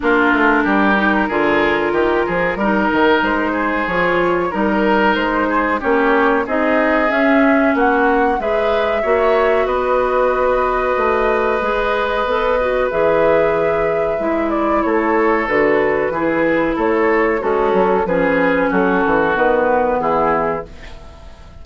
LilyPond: <<
  \new Staff \with { instrumentName = "flute" } { \time 4/4 \tempo 4 = 93 ais'1~ | ais'4 c''4 cis''4 ais'4 | c''4 cis''4 dis''4 e''4 | fis''4 e''2 dis''4~ |
dis''1 | e''2~ e''8 d''8 cis''4 | b'2 cis''4 a'4 | b'4 a'4 b'4 gis'4 | }
  \new Staff \with { instrumentName = "oboe" } { \time 4/4 f'4 g'4 gis'4 g'8 gis'8 | ais'4. gis'4. ais'4~ | ais'8 gis'8 g'4 gis'2 | fis'4 b'4 cis''4 b'4~ |
b'1~ | b'2. a'4~ | a'4 gis'4 a'4 cis'4 | gis'4 fis'2 e'4 | }
  \new Staff \with { instrumentName = "clarinet" } { \time 4/4 d'4. dis'8 f'2 | dis'2 f'4 dis'4~ | dis'4 cis'4 dis'4 cis'4~ | cis'4 gis'4 fis'2~ |
fis'2 gis'4 a'8 fis'8 | gis'2 e'2 | fis'4 e'2 fis'4 | cis'2 b2 | }
  \new Staff \with { instrumentName = "bassoon" } { \time 4/4 ais8 a8 g4 d4 dis8 f8 | g8 dis8 gis4 f4 g4 | gis4 ais4 c'4 cis'4 | ais4 gis4 ais4 b4~ |
b4 a4 gis4 b4 | e2 gis4 a4 | d4 e4 a4 gis8 fis8 | f4 fis8 e8 dis4 e4 | }
>>